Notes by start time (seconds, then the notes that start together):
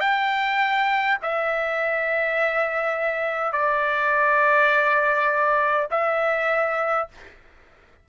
0.00 G5
1.22 E5
3.52 D5
5.91 E5